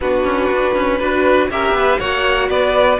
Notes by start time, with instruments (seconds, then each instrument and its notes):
0.01 cello B3, viola D4, violin F#4 B4
0.24 cello C#4
0.50 cello D4
0.75 cello C#4
0.97 cello D4, viola F#4, violin B4
1.50 cello C#4, viola G4, violin A#4 E5
1.72 cello B3, violin B4
1.99 cello A#3, viola F#4, violin C#5 F#5
2.48 cello B3, violin B4 D5